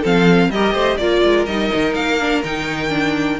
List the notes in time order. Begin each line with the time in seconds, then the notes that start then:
0.00 F3 C4 A4 F5
0.49 G3 G4 A#4 D#5
0.73 A3 C5
0.97 A#3 F4 A#4 D5
1.23 G#3
1.45 G3 D#4 D#5
1.74 D#3
1.94 A#3 F5
2.19 D4
2.43 D#3 D#4 G5
2.89 D4